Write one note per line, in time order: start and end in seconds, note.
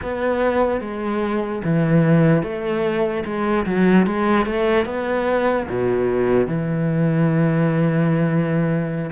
0.02 0.81 B3
0.81 1.62 G#3
1.64 2.43 E3
2.43 3.24 A3
3.25 3.65 G#3
3.66 4.06 F#3
4.06 4.46 G#3
4.46 4.85 A3
4.85 5.66 B3
5.69 6.47 B2
6.47 9.10 E3